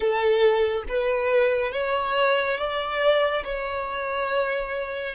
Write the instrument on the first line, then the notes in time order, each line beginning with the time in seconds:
violin
0.00 A4
0.88 B4
1.72 C#5
2.58 D5
3.44 C#5